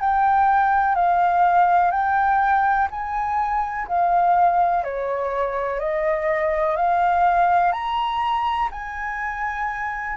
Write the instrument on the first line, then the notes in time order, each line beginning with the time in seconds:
flute
0.00 G5
0.95 F5
1.91 G5
2.91 G#5
3.88 F5
4.84 C#5
5.79 D#5
6.77 F5
7.72 A#5
8.71 G#5